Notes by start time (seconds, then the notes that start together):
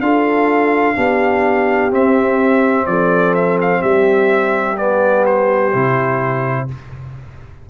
0.00 D4 F4 A4 F5
0.96 B3 D4 G4
1.90 C4 E5
2.86 F3 A4 D5
3.34 E5
3.61 F5
3.81 G3 G4 E5
4.77 B3 D5
5.25 C5
5.73 C3 E4